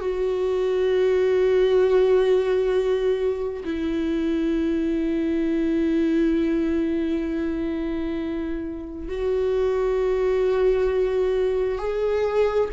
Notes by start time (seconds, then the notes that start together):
0.00 F#4
3.64 E4
9.08 F#4
11.78 G#4